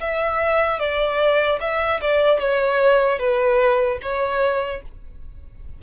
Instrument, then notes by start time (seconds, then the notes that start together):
violin
0.00 E5
0.79 D5
1.60 E5
2.01 D5
2.39 C#5
3.19 B4
4.01 C#5